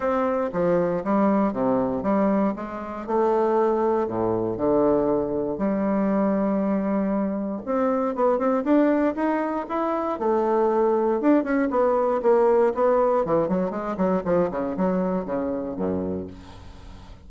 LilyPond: \new Staff \with { instrumentName = "bassoon" } { \time 4/4 \tempo 4 = 118 c'4 f4 g4 c4 | g4 gis4 a2 | a,4 d2 g4~ | g2. c'4 |
b8 c'8 d'4 dis'4 e'4 | a2 d'8 cis'8 b4 | ais4 b4 e8 fis8 gis8 fis8 | f8 cis8 fis4 cis4 fis,4 | }